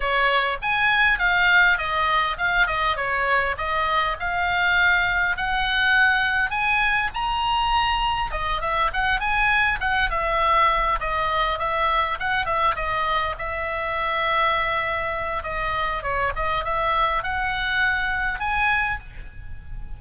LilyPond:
\new Staff \with { instrumentName = "oboe" } { \time 4/4 \tempo 4 = 101 cis''4 gis''4 f''4 dis''4 | f''8 dis''8 cis''4 dis''4 f''4~ | f''4 fis''2 gis''4 | ais''2 dis''8 e''8 fis''8 gis''8~ |
gis''8 fis''8 e''4. dis''4 e''8~ | e''8 fis''8 e''8 dis''4 e''4.~ | e''2 dis''4 cis''8 dis''8 | e''4 fis''2 gis''4 | }